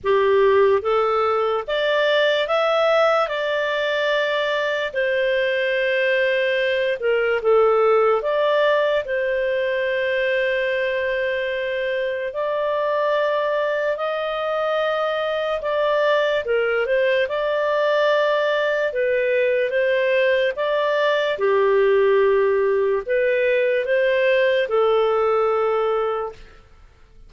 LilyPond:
\new Staff \with { instrumentName = "clarinet" } { \time 4/4 \tempo 4 = 73 g'4 a'4 d''4 e''4 | d''2 c''2~ | c''8 ais'8 a'4 d''4 c''4~ | c''2. d''4~ |
d''4 dis''2 d''4 | ais'8 c''8 d''2 b'4 | c''4 d''4 g'2 | b'4 c''4 a'2 | }